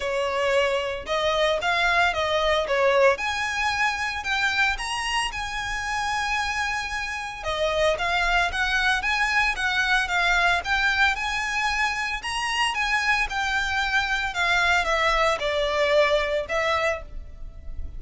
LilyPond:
\new Staff \with { instrumentName = "violin" } { \time 4/4 \tempo 4 = 113 cis''2 dis''4 f''4 | dis''4 cis''4 gis''2 | g''4 ais''4 gis''2~ | gis''2 dis''4 f''4 |
fis''4 gis''4 fis''4 f''4 | g''4 gis''2 ais''4 | gis''4 g''2 f''4 | e''4 d''2 e''4 | }